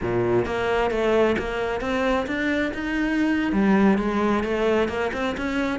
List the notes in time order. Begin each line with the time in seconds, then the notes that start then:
0.01 A#2
0.45 A#3
0.90 A3
1.38 A#3
1.81 C4
2.26 D4
2.74 D#4
3.52 G3
3.98 G#3
4.43 A3
4.88 A#3
5.13 C4
5.37 C#4